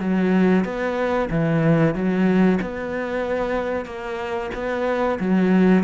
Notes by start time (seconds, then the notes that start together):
0.00 F#3
0.65 B3
1.30 E3
1.95 F#3
2.61 B3
3.86 A#3
4.54 B3
5.20 F#3